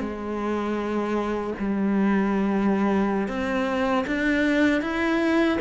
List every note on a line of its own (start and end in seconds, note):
0.00 1.54 G#3
1.59 3.28 G3
3.28 4.05 C4
4.07 4.81 D4
4.81 5.58 E4